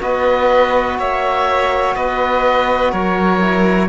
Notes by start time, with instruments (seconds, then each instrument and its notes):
0.00 cello B3, trombone F#4, violin B4, oboe D#5
0.99 cello A#3, violin C#5, oboe E5
1.96 cello B3, violin B4, oboe D#5
2.92 cello F#3, violin A#4, oboe C#5
3.41 trombone E4